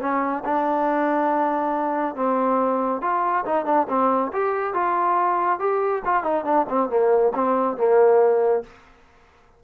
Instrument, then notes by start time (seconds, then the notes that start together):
trombone
0.00 C#4
0.44 D4
2.15 C4
3.01 F4
3.45 D#4
3.65 D4
3.88 C4
4.33 G4
4.74 F4
5.59 G4
6.05 F4
6.23 D#4
6.45 D4
6.69 C4
6.89 A#3
7.35 C4
7.77 A#3